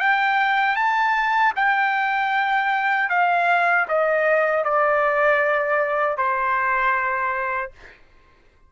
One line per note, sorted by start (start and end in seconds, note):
0.00 0.76 G5
0.76 1.53 A5
1.56 3.09 G5
3.09 3.86 F5
3.88 4.64 D#5
4.64 6.17 D5
6.17 7.71 C5